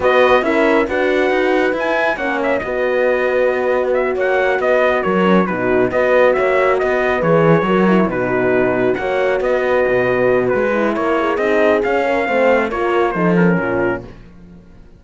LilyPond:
<<
  \new Staff \with { instrumentName = "trumpet" } { \time 4/4 \tempo 4 = 137 dis''4 e''4 fis''2 | gis''4 fis''8 e''8 dis''2~ | dis''4 e''8 fis''4 dis''4 cis''8~ | cis''8 b'4 dis''4 e''4 dis''8~ |
dis''8 cis''2 b'4.~ | b'8 fis''4 dis''2~ dis''8 | b'4 cis''4 dis''4 f''4~ | f''4 cis''4 c''8 ais'4. | }
  \new Staff \with { instrumentName = "horn" } { \time 4/4 b'4 ais'4 b'2~ | b'4 cis''4 b'2~ | b'4. cis''4 b'4 ais'8~ | ais'8 fis'4 b'4 cis''4 b'8~ |
b'4. ais'4 fis'4.~ | fis'8 cis''4 b'2~ b'8~ | b'4 ais'8 gis'2 ais'8 | c''4 ais'4 a'4 f'4 | }
  \new Staff \with { instrumentName = "horn" } { \time 4/4 fis'4 e'4 fis'2 | e'4 cis'4 fis'2~ | fis'1 | cis'8 dis'4 fis'2~ fis'8~ |
fis'8 gis'4 fis'8 e'8 dis'4.~ | dis'8 fis'2.~ fis'8~ | fis'8 e'4. dis'4 cis'4 | c'4 f'4 dis'8 cis'4. | }
  \new Staff \with { instrumentName = "cello" } { \time 4/4 b4 cis'4 d'4 dis'4 | e'4 ais4 b2~ | b4. ais4 b4 fis8~ | fis8 b,4 b4 ais4 b8~ |
b8 e4 fis4 b,4.~ | b,8 ais4 b4 b,4. | gis4 ais4 c'4 cis'4 | a4 ais4 f4 ais,4 | }
>>